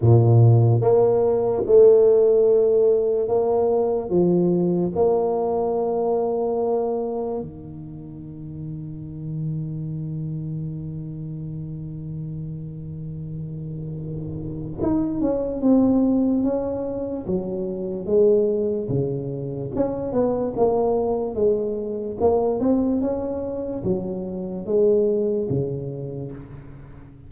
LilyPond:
\new Staff \with { instrumentName = "tuba" } { \time 4/4 \tempo 4 = 73 ais,4 ais4 a2 | ais4 f4 ais2~ | ais4 dis2.~ | dis1~ |
dis2 dis'8 cis'8 c'4 | cis'4 fis4 gis4 cis4 | cis'8 b8 ais4 gis4 ais8 c'8 | cis'4 fis4 gis4 cis4 | }